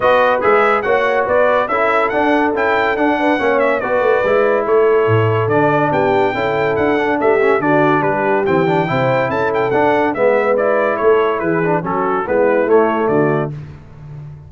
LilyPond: <<
  \new Staff \with { instrumentName = "trumpet" } { \time 4/4 \tempo 4 = 142 dis''4 e''4 fis''4 d''4 | e''4 fis''4 g''4 fis''4~ | fis''8 e''8 d''2 cis''4~ | cis''4 d''4 g''2 |
fis''4 e''4 d''4 b'4 | g''2 a''8 g''8 fis''4 | e''4 d''4 cis''4 b'4 | a'4 b'4 cis''4 d''4 | }
  \new Staff \with { instrumentName = "horn" } { \time 4/4 b'2 cis''4 b'4 | a'2.~ a'8 b'8 | cis''4 b'2 a'4~ | a'2 g'4 a'4~ |
a'4 g'4 fis'4 g'4~ | g'4 c''4 a'2 | b'2 a'4 gis'4 | fis'4 e'2 fis'4 | }
  \new Staff \with { instrumentName = "trombone" } { \time 4/4 fis'4 gis'4 fis'2 | e'4 d'4 e'4 d'4 | cis'4 fis'4 e'2~ | e'4 d'2 e'4~ |
e'8 d'4 cis'8 d'2 | c'8 d'8 e'2 d'4 | b4 e'2~ e'8 d'8 | cis'4 b4 a2 | }
  \new Staff \with { instrumentName = "tuba" } { \time 4/4 b4 gis4 ais4 b4 | cis'4 d'4 cis'4 d'4 | ais4 b8 a8 gis4 a4 | a,4 d4 b4 cis'4 |
d'4 a4 d4 g4 | e4 c4 cis'4 d'4 | gis2 a4 e4 | fis4 gis4 a4 d4 | }
>>